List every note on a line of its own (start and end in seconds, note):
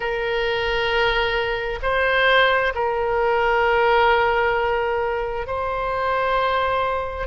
0.00 1.79 A#4
1.82 2.73 C5
2.74 5.47 A#4
5.47 7.26 C5